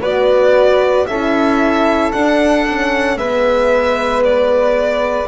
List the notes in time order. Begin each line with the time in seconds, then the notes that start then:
0.00 B3 F#4 B4 D5
1.06 C#4 E4 A4 E5
2.12 D4 F#5
2.69 C#4
3.16 G#3 B3 B4 E5
4.24 D5